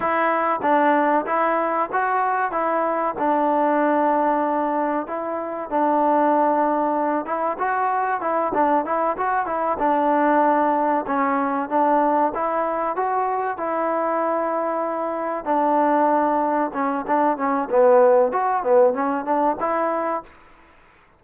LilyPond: \new Staff \with { instrumentName = "trombone" } { \time 4/4 \tempo 4 = 95 e'4 d'4 e'4 fis'4 | e'4 d'2. | e'4 d'2~ d'8 e'8 | fis'4 e'8 d'8 e'8 fis'8 e'8 d'8~ |
d'4. cis'4 d'4 e'8~ | e'8 fis'4 e'2~ e'8~ | e'8 d'2 cis'8 d'8 cis'8 | b4 fis'8 b8 cis'8 d'8 e'4 | }